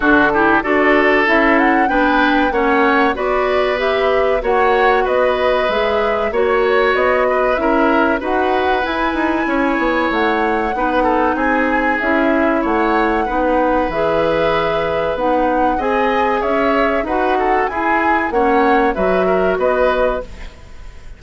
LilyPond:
<<
  \new Staff \with { instrumentName = "flute" } { \time 4/4 \tempo 4 = 95 a'4 d''4 e''8 fis''8 g''4 | fis''4 d''4 e''4 fis''4 | dis''4 e''4 cis''4 dis''4 | e''4 fis''4 gis''2 |
fis''2 gis''4 e''4 | fis''2 e''2 | fis''4 gis''4 e''4 fis''4 | gis''4 fis''4 e''4 dis''4 | }
  \new Staff \with { instrumentName = "oboe" } { \time 4/4 fis'8 g'8 a'2 b'4 | cis''4 b'2 cis''4 | b'2 cis''4. b'8 | ais'4 b'2 cis''4~ |
cis''4 b'8 a'8 gis'2 | cis''4 b'2.~ | b'4 dis''4 cis''4 b'8 a'8 | gis'4 cis''4 b'8 ais'8 b'4 | }
  \new Staff \with { instrumentName = "clarinet" } { \time 4/4 d'8 e'8 fis'4 e'4 d'4 | cis'4 fis'4 g'4 fis'4~ | fis'4 gis'4 fis'2 | e'4 fis'4 e'2~ |
e'4 dis'2 e'4~ | e'4 dis'4 gis'2 | dis'4 gis'2 fis'4 | e'4 cis'4 fis'2 | }
  \new Staff \with { instrumentName = "bassoon" } { \time 4/4 d4 d'4 cis'4 b4 | ais4 b2 ais4 | b4 gis4 ais4 b4 | cis'4 dis'4 e'8 dis'8 cis'8 b8 |
a4 b4 c'4 cis'4 | a4 b4 e2 | b4 c'4 cis'4 dis'4 | e'4 ais4 fis4 b4 | }
>>